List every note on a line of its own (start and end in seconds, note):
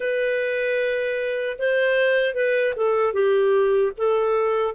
0.00 1.57 B4
1.58 2.34 C5
2.34 2.73 B4
2.76 3.13 A4
3.13 3.92 G4
3.97 4.74 A4